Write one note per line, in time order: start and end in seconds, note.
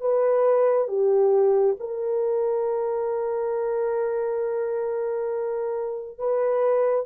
0.00 0.87 B4
0.87 1.76 G4
1.79 6.18 A#4
6.18 7.06 B4